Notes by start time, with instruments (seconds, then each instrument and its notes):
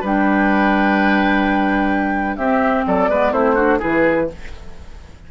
0.00 bassoon G3, clarinet D4, oboe B4, flute G5
2.36 bassoon C4, clarinet C4, oboe G4, flute E5
2.86 bassoon F#3, oboe A4, flute D5
3.08 bassoon G#3, clarinet B3, oboe B4
3.32 bassoon A3, clarinet C4, oboe E4, flute C5
3.54 clarinet D4, oboe F#4
3.79 bassoon E3, clarinet E4, oboe G#4, flute B4